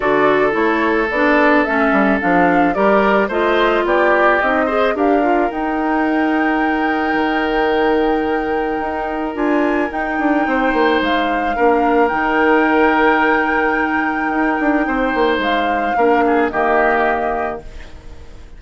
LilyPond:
<<
  \new Staff \with { instrumentName = "flute" } { \time 4/4 \tempo 4 = 109 d''4 cis''4 d''4 e''4 | f''4 d''4 dis''4 d''4 | dis''4 f''4 g''2~ | g''1~ |
g''4 gis''4 g''2 | f''2 g''2~ | g''1 | f''2 dis''2 | }
  \new Staff \with { instrumentName = "oboe" } { \time 4/4 a'1~ | a'4 ais'4 c''4 g'4~ | g'8 c''8 ais'2.~ | ais'1~ |
ais'2. c''4~ | c''4 ais'2.~ | ais'2. c''4~ | c''4 ais'8 gis'8 g'2 | }
  \new Staff \with { instrumentName = "clarinet" } { \time 4/4 fis'4 e'4 d'4 cis'4 | d'4 g'4 f'2 | dis'8 gis'8 g'8 f'8 dis'2~ | dis'1~ |
dis'4 f'4 dis'2~ | dis'4 d'4 dis'2~ | dis'1~ | dis'4 d'4 ais2 | }
  \new Staff \with { instrumentName = "bassoon" } { \time 4/4 d4 a4 b4 a8 g8 | f4 g4 a4 b4 | c'4 d'4 dis'2~ | dis'4 dis2. |
dis'4 d'4 dis'8 d'8 c'8 ais8 | gis4 ais4 dis2~ | dis2 dis'8 d'8 c'8 ais8 | gis4 ais4 dis2 | }
>>